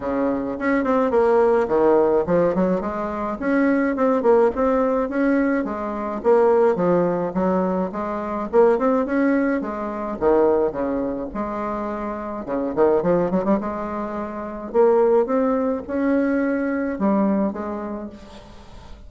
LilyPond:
\new Staff \with { instrumentName = "bassoon" } { \time 4/4 \tempo 4 = 106 cis4 cis'8 c'8 ais4 dis4 | f8 fis8 gis4 cis'4 c'8 ais8 | c'4 cis'4 gis4 ais4 | f4 fis4 gis4 ais8 c'8 |
cis'4 gis4 dis4 cis4 | gis2 cis8 dis8 f8 fis16 g16 | gis2 ais4 c'4 | cis'2 g4 gis4 | }